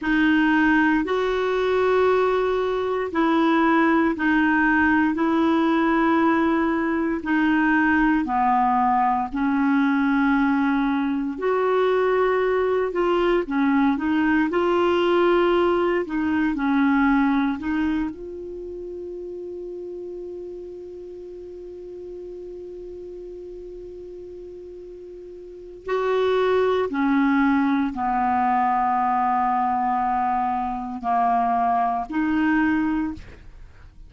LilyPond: \new Staff \with { instrumentName = "clarinet" } { \time 4/4 \tempo 4 = 58 dis'4 fis'2 e'4 | dis'4 e'2 dis'4 | b4 cis'2 fis'4~ | fis'8 f'8 cis'8 dis'8 f'4. dis'8 |
cis'4 dis'8 f'2~ f'8~ | f'1~ | f'4 fis'4 cis'4 b4~ | b2 ais4 dis'4 | }